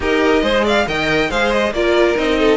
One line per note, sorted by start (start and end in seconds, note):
0.00 0.42 D#4
0.00 0.42 G4
0.00 0.43 A#4
0.00 0.67 D#5
0.42 0.85 G#3
0.42 0.86 G#4
0.42 0.64 C5
0.64 0.85 D5
0.64 0.88 F5
0.87 1.30 D#3
0.87 1.29 A#4
0.87 1.30 D#5
0.87 1.30 G5
1.29 1.71 G#3
1.29 1.72 G#4
1.29 1.73 C5
1.29 1.51 F5
1.51 1.73 D#5
1.71 2.14 A#3
1.71 2.15 F4
1.71 2.38 A#4
1.71 2.16 D5
2.15 2.56 C4
2.15 2.56 D#4
2.15 2.56 D#5
2.38 2.56 A4